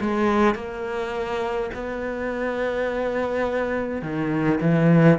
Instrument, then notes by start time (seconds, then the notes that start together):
cello
0.00 G#3
0.55 A#3
1.74 B3
4.02 D#3
4.60 E3